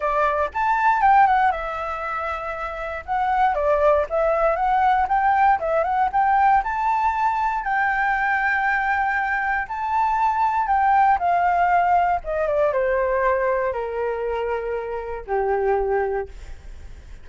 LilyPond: \new Staff \with { instrumentName = "flute" } { \time 4/4 \tempo 4 = 118 d''4 a''4 g''8 fis''8 e''4~ | e''2 fis''4 d''4 | e''4 fis''4 g''4 e''8 fis''8 | g''4 a''2 g''4~ |
g''2. a''4~ | a''4 g''4 f''2 | dis''8 d''8 c''2 ais'4~ | ais'2 g'2 | }